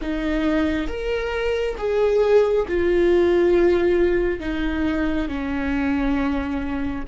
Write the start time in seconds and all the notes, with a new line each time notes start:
0.01 D#4
0.87 A#4
1.77 G#4
2.68 F4
4.40 D#4
5.28 C#4